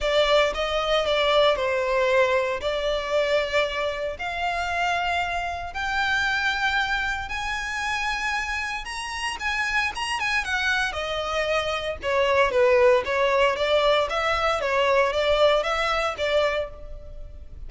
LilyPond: \new Staff \with { instrumentName = "violin" } { \time 4/4 \tempo 4 = 115 d''4 dis''4 d''4 c''4~ | c''4 d''2. | f''2. g''4~ | g''2 gis''2~ |
gis''4 ais''4 gis''4 ais''8 gis''8 | fis''4 dis''2 cis''4 | b'4 cis''4 d''4 e''4 | cis''4 d''4 e''4 d''4 | }